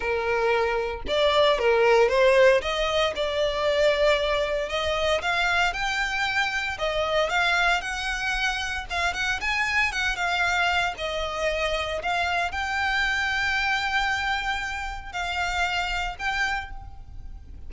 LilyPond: \new Staff \with { instrumentName = "violin" } { \time 4/4 \tempo 4 = 115 ais'2 d''4 ais'4 | c''4 dis''4 d''2~ | d''4 dis''4 f''4 g''4~ | g''4 dis''4 f''4 fis''4~ |
fis''4 f''8 fis''8 gis''4 fis''8 f''8~ | f''4 dis''2 f''4 | g''1~ | g''4 f''2 g''4 | }